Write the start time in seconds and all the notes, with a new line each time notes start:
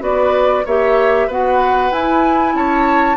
0.00 B3 F#4 B4 D5
0.66 A#3 G4 C#5 E5
1.27 B3 F#4 B4 F#5
1.91 E4 G#5
2.54 C#4 C#5 A5